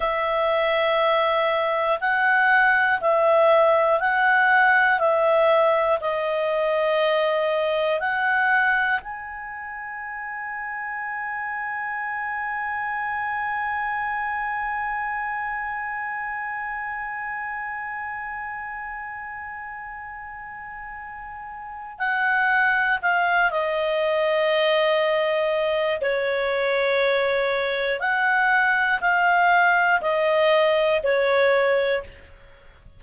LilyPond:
\new Staff \with { instrumentName = "clarinet" } { \time 4/4 \tempo 4 = 60 e''2 fis''4 e''4 | fis''4 e''4 dis''2 | fis''4 gis''2.~ | gis''1~ |
gis''1~ | gis''2 fis''4 f''8 dis''8~ | dis''2 cis''2 | fis''4 f''4 dis''4 cis''4 | }